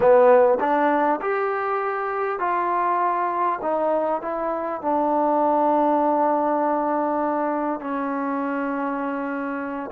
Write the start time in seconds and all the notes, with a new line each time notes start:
0.00 B3
0.59 D4
1.21 G4
2.39 F4
3.62 D#4
4.21 E4
4.81 D4
7.80 C#4